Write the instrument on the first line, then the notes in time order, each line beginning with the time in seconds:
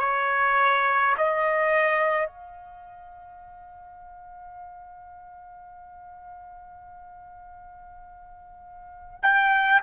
trumpet
0.00 C#5
1.18 D#5
2.28 F5
9.23 G5